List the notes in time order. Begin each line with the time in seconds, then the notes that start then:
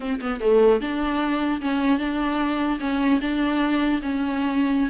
0.00 C4
0.20 B3
0.40 A3
0.80 D4
1.61 C#4
1.99 D4
2.80 C#4
3.21 D4
4.01 C#4